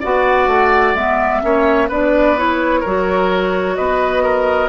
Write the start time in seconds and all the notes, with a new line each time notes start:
0.00 B3 F#4 D5 F#5
0.47 A3
0.95 G#3 B3 E5
1.41 A#3 C#4 C#5
1.88 B3 D4 B4 D5
2.37 E4 C#5
2.80 F#3 F#4 A#4
3.76 B3 B4 D#5
4.23 A#4